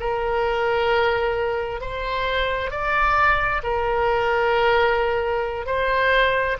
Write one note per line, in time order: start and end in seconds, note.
0.00 1.81 A#4
1.81 2.71 C5
2.71 3.62 D5
3.63 5.66 A#4
5.66 6.57 C5